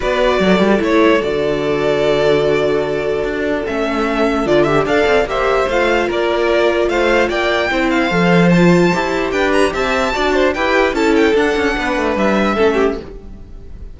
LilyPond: <<
  \new Staff \with { instrumentName = "violin" } { \time 4/4 \tempo 4 = 148 d''2 cis''4 d''4~ | d''1~ | d''4 e''2 d''8 e''8 | f''4 e''4 f''4 d''4~ |
d''4 f''4 g''4. f''8~ | f''4 a''2 g''8 ais''8 | a''2 g''4 a''8 g''8 | fis''2 e''2 | }
  \new Staff \with { instrumentName = "violin" } { \time 4/4 b'4 a'2.~ | a'1~ | a'1 | d''4 c''2 ais'4~ |
ais'4 c''4 d''4 c''4~ | c''2. b'4 | e''4 d''8 c''8 b'4 a'4~ | a'4 b'2 a'8 g'8 | }
  \new Staff \with { instrumentName = "viola" } { \time 4/4 fis'2 e'4 fis'4~ | fis'1~ | fis'4 cis'2 f'8 g'8 | a'4 g'4 f'2~ |
f'2. e'4 | a'4 f'4 g'2~ | g'4 fis'4 g'4 e'4 | d'2. cis'4 | }
  \new Staff \with { instrumentName = "cello" } { \time 4/4 b4 fis8 g8 a4 d4~ | d1 | d'4 a2 d4 | d'8 c'8 ais4 a4 ais4~ |
ais4 a4 ais4 c'4 | f2 e'4 d'4 | c'4 d'4 e'4 cis'4 | d'8 cis'8 b8 a8 g4 a4 | }
>>